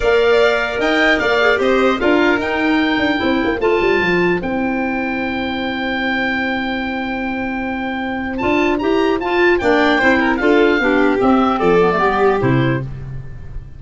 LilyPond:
<<
  \new Staff \with { instrumentName = "oboe" } { \time 4/4 \tempo 4 = 150 f''2 g''4 f''4 | dis''4 f''4 g''2~ | g''4 a''2 g''4~ | g''1~ |
g''1~ | g''4 a''4 ais''4 a''4 | g''2 f''2 | e''4 d''2 c''4 | }
  \new Staff \with { instrumentName = "violin" } { \time 4/4 d''2 dis''4 d''4 | c''4 ais'2. | c''1~ | c''1~ |
c''1~ | c''1 | d''4 c''8 ais'8 a'4 g'4~ | g'4 a'4 g'2 | }
  \new Staff \with { instrumentName = "clarinet" } { \time 4/4 ais'2.~ ais'8 gis'8 | g'4 f'4 dis'2 | e'4 f'2 e'4~ | e'1~ |
e'1~ | e'4 f'4 g'4 f'4 | d'4 e'4 f'4 d'4 | c'4. b16 a16 b4 e'4 | }
  \new Staff \with { instrumentName = "tuba" } { \time 4/4 ais2 dis'4 ais4 | c'4 d'4 dis'4. d'8 | c'8 ais8 a8 g8 f4 c'4~ | c'1~ |
c'1~ | c'4 d'4 e'4 f'4 | ais4 c'4 d'4 b4 | c'4 f4 g4 c4 | }
>>